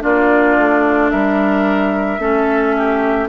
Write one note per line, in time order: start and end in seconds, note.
0.00 0.58 A#3
0.00 2.18 D4
0.00 1.12 F4
0.00 1.11 D5
0.58 1.12 A3
1.11 2.19 G3
1.11 2.21 A#4
1.11 3.29 E5
2.19 3.28 A3
2.19 3.29 C#4
2.19 2.76 A4
2.77 3.29 G4